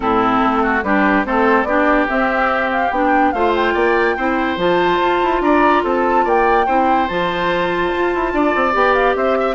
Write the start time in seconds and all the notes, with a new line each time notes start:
0.00 A2 C4 E4 A4
0.41 A3
0.62 F#4
0.83 G3 D4 G4 B4
1.24 A3 C4 A4 C5
1.63 B3 D4 G4 D5
2.08 C4 E5
2.71 F5
2.90 B3 D4 G5
3.31 A3 F4 C5 F5
3.55 G5
3.73 A#3 D5
4.16 C4 E4 C5
4.57 F3 F4 A5
5.01 F4
5.22 E4
5.40 D4 D5 A#5
5.83 C4 A4 A5
6.24 A#3 D5 G5
6.66 C4 E4 C5
7.07 F3 F4 A5
7.93 F4
8.14 E4
8.33 D4 D5
8.55 C4
8.72 B3 G4 G5
8.94 F5
9.15 C4 C5 E5
9.40 E5